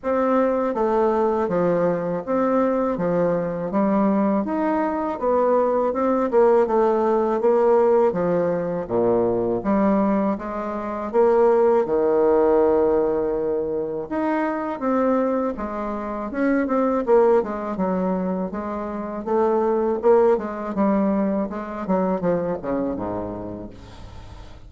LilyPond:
\new Staff \with { instrumentName = "bassoon" } { \time 4/4 \tempo 4 = 81 c'4 a4 f4 c'4 | f4 g4 dis'4 b4 | c'8 ais8 a4 ais4 f4 | ais,4 g4 gis4 ais4 |
dis2. dis'4 | c'4 gis4 cis'8 c'8 ais8 gis8 | fis4 gis4 a4 ais8 gis8 | g4 gis8 fis8 f8 cis8 gis,4 | }